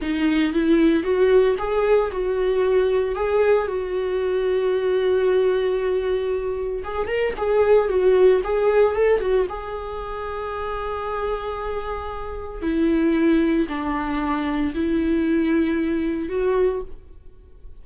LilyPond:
\new Staff \with { instrumentName = "viola" } { \time 4/4 \tempo 4 = 114 dis'4 e'4 fis'4 gis'4 | fis'2 gis'4 fis'4~ | fis'1~ | fis'4 gis'8 ais'8 gis'4 fis'4 |
gis'4 a'8 fis'8 gis'2~ | gis'1 | e'2 d'2 | e'2. fis'4 | }